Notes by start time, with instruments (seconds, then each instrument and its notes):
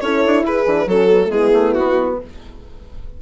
0.00 bassoon C#4, horn E4 A4, violin C#5
0.26 bassoon D4
0.43 bassoon E4, horn G#4, violin B4
0.66 bassoon E3, horn D4
0.86 bassoon F#3, horn C#4 F#4, violin A4
1.11 horn B3
1.22 horn A3
1.29 bassoon G#3, horn B3 E4, violin G#4
1.53 bassoon A3
1.73 bassoon B3, violin F#4